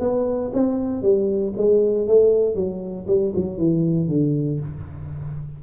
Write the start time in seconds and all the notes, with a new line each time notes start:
0.00 B3
0.53 C4
1.02 G3
1.57 G#3
2.07 A3
2.55 F#3
3.07 G3
3.35 F#3
3.58 E3
4.08 D3